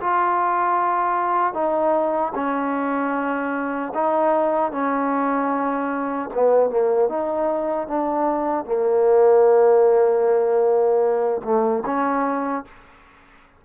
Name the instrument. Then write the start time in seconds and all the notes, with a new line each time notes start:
trombone
0.00 F4
1.53 D#4
2.35 C#4
3.94 D#4
4.72 C#4
6.34 B3
6.70 A#3
7.09 D#4
7.87 D4
8.65 A#3
11.44 A3
11.86 C#4